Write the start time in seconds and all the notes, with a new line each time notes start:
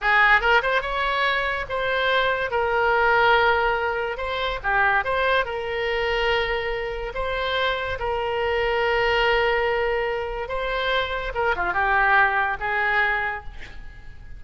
0.01 G#4
0.40 A#4
0.62 C5
0.81 C#5
1.69 C5
2.50 A#4
4.17 C5
4.63 G4
5.04 C5
5.45 A#4
7.14 C5
7.99 A#4
10.48 C5
11.34 A#4
11.56 F4
11.73 G4
12.60 G#4